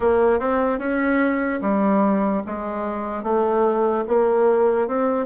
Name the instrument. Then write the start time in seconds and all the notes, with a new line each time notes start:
bassoon
0.00 A#3
0.39 C4
0.79 C#4
1.61 G3
2.46 G#3
3.23 A3
4.07 A#3
4.87 C4